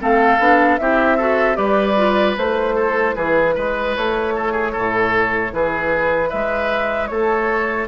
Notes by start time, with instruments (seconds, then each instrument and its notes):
0.00 bassoon A3, clarinet C4, oboe A4, flute F5
0.39 bassoon B3, clarinet D4
0.78 bassoon C4, clarinet E4, oboe G4, flute E5
1.17 clarinet F#4, oboe A4
1.54 bassoon G3, clarinet G4, oboe B4, flute D5
1.97 clarinet F4
2.37 bassoon A3, clarinet E4, flute C5
2.75 oboe A4
3.16 bassoon E3, oboe G#4, flute B4
3.55 bassoon G#3, oboe B4
3.96 bassoon A3, flute C#5
4.36 oboe A4
4.52 oboe G#4
4.72 bassoon A2, oboe A4
5.53 bassoon E3, oboe G#4, flute B4
6.30 bassoon G#3, oboe B4, flute E5
7.07 bassoon A3, oboe A4, flute C#5